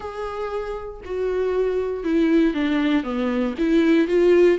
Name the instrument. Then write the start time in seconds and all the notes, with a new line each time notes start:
viola
0.00 G#4
1.04 F#4
2.04 E4
2.54 D4
3.03 B3
3.58 E4
4.07 F4